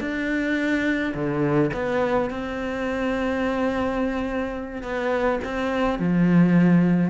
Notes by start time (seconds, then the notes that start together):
0.00 D4
1.14 D3
1.73 B3
2.30 C4
4.83 B3
5.44 C4
5.99 F3